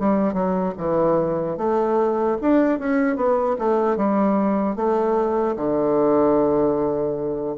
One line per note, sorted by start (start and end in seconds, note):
0.00 0.34 G3
0.34 0.74 F#3
0.78 1.58 E3
1.58 2.38 A3
2.42 2.80 D4
2.80 3.17 C#4
3.17 3.57 B3
3.59 3.97 A3
3.97 4.76 G3
4.76 5.56 A3
5.56 7.56 D3